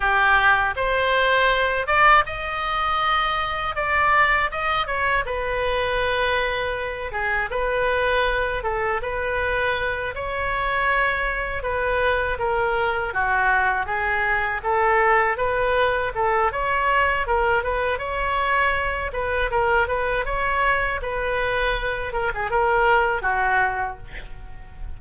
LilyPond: \new Staff \with { instrumentName = "oboe" } { \time 4/4 \tempo 4 = 80 g'4 c''4. d''8 dis''4~ | dis''4 d''4 dis''8 cis''8 b'4~ | b'4. gis'8 b'4. a'8 | b'4. cis''2 b'8~ |
b'8 ais'4 fis'4 gis'4 a'8~ | a'8 b'4 a'8 cis''4 ais'8 b'8 | cis''4. b'8 ais'8 b'8 cis''4 | b'4. ais'16 gis'16 ais'4 fis'4 | }